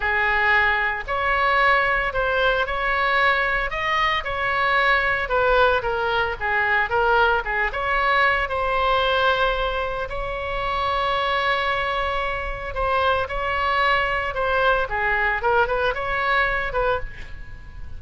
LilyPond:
\new Staff \with { instrumentName = "oboe" } { \time 4/4 \tempo 4 = 113 gis'2 cis''2 | c''4 cis''2 dis''4 | cis''2 b'4 ais'4 | gis'4 ais'4 gis'8 cis''4. |
c''2. cis''4~ | cis''1 | c''4 cis''2 c''4 | gis'4 ais'8 b'8 cis''4. b'8 | }